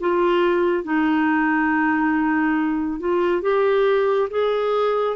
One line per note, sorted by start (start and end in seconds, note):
0.00 0.83 F4
0.83 3.00 D#4
3.00 3.42 F4
3.42 4.29 G4
4.30 5.16 G#4